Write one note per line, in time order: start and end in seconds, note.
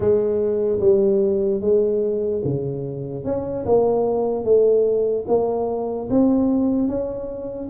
0.00 0.79 G#3
0.80 1.60 G3
1.60 2.41 G#3
2.44 3.24 C#3
3.24 3.65 C#4
3.65 4.44 A#3
4.44 5.25 A3
5.27 6.08 A#3
6.10 6.87 C4
6.87 7.68 C#4